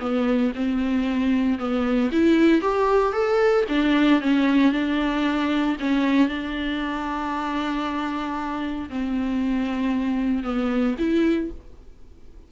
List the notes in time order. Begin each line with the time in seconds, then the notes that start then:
0.00 B3
0.55 C4
1.58 B3
2.12 E4
2.61 G4
3.12 A4
3.69 D4
4.21 C#4
4.72 D4
5.80 C#4
6.28 D4
8.89 C4
10.43 B3
10.98 E4